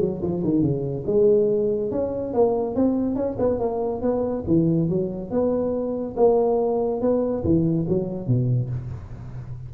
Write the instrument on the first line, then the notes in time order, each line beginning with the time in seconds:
tuba
0.00 F#3
0.22 F3
0.44 D#3
0.62 C#3
1.06 G#3
1.91 C#4
2.33 A#3
2.75 C4
3.16 C#4
3.39 B3
3.59 A#3
4.02 B3
4.47 E3
4.89 F#3
5.30 B3
6.16 A#3
7.01 B3
7.44 E3
7.88 F#3
8.27 B2